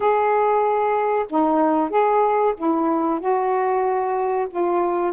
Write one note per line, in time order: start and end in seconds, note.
0.00 1.26 G#4
1.29 1.90 D#4
1.90 2.54 G#4
2.57 3.19 E4
3.19 4.47 F#4
4.50 5.12 F4